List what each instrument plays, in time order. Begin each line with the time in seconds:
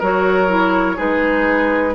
0.00 bassoon F#3, clarinet F#4, oboe A#4, flute C#5
0.48 clarinet E4
0.97 bassoon G#3, clarinet D#4, oboe G#4, flute B4